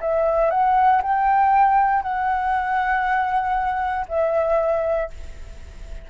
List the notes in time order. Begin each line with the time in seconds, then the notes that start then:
0.00 E5
0.50 F#5
1.02 G5
2.02 F#5
4.08 E5